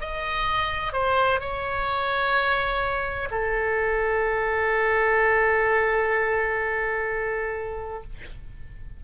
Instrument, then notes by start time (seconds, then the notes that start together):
oboe
0.00 D#5
0.92 C5
1.40 C#5
3.30 A4